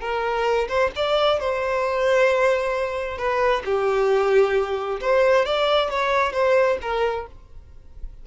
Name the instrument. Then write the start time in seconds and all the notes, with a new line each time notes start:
violin
0.00 A#4
0.68 C5
0.96 D5
1.40 C5
3.18 B4
3.65 G4
5.00 C5
5.45 D5
5.90 C#5
6.33 C5
6.81 A#4